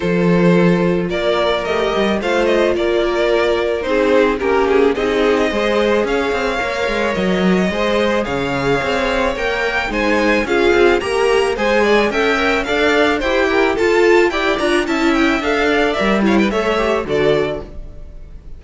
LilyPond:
<<
  \new Staff \with { instrumentName = "violin" } { \time 4/4 \tempo 4 = 109 c''2 d''4 dis''4 | f''8 dis''8 d''2 c''4 | ais'8 gis'8 dis''2 f''4~ | f''4 dis''2 f''4~ |
f''4 g''4 gis''4 f''4 | ais''4 gis''4 g''4 f''4 | g''4 a''4 g''8 ais''8 a''8 g''8 | f''4 e''8 f''16 g''16 e''4 d''4 | }
  \new Staff \with { instrumentName = "violin" } { \time 4/4 a'2 ais'2 | c''4 ais'2 gis'4 | g'4 gis'4 c''4 cis''4~ | cis''2 c''4 cis''4~ |
cis''2 c''4 gis'4 | ais'4 c''8 d''8 e''4 d''4 | c''8 ais'8 a'4 d''4 e''4~ | e''8 d''4 cis''16 b'16 cis''4 a'4 | }
  \new Staff \with { instrumentName = "viola" } { \time 4/4 f'2. g'4 | f'2. dis'4 | cis'4 dis'4 gis'2 | ais'2 gis'2~ |
gis'4 ais'4 dis'4 f'4 | g'4 gis'4 a'8 ais'8 a'4 | g'4 f'4 g'8 f'8 e'4 | a'4 ais'8 e'8 a'8 g'8 fis'4 | }
  \new Staff \with { instrumentName = "cello" } { \time 4/4 f2 ais4 a8 g8 | a4 ais2 c'4 | ais4 c'4 gis4 cis'8 c'8 | ais8 gis8 fis4 gis4 cis4 |
c'4 ais4 gis4 cis'8 c'8 | ais4 gis4 cis'4 d'4 | e'4 f'4 e'8 d'8 cis'4 | d'4 g4 a4 d4 | }
>>